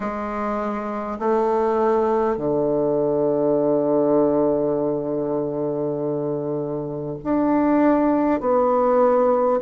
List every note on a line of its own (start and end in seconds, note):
0.00 1.18 G#3
1.19 2.37 A3
2.37 7.17 D3
7.23 8.40 D4
8.40 9.60 B3